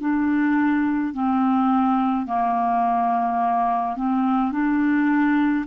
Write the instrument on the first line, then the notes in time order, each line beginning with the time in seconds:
clarinet
0.00 D4
1.13 C4
2.26 A#3
3.96 C4
4.52 D4